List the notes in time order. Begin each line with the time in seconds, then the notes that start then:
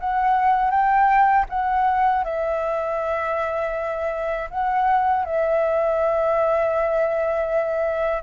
0.00 F#5
0.71 G5
1.50 F#5
2.25 E5
4.50 F#5
5.25 E5